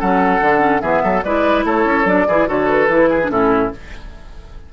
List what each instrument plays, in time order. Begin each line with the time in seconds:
0.00 bassoon F#3, clarinet C#4, oboe A4, flute F#5
0.41 bassoon D3, clarinet D4
0.60 clarinet C#4
0.81 bassoon E3, clarinet B3, oboe G#4, flute E5
1.04 bassoon F#3, oboe A4
1.23 bassoon G#3, clarinet E4, oboe B4, flute D5
1.65 bassoon A3, oboe A4, flute C#5
1.86 bassoon C#4
2.05 bassoon F#3, clarinet D4, flute D5
2.28 bassoon E3, clarinet E4, oboe G#4
2.47 bassoon D3, clarinet F#4, oboe A4, flute C#5
2.69 flute B4
2.89 bassoon E3, clarinet E4
3.10 oboe G#4
3.23 clarinet D4
3.30 bassoon A2, clarinet C#4, oboe E4, flute A4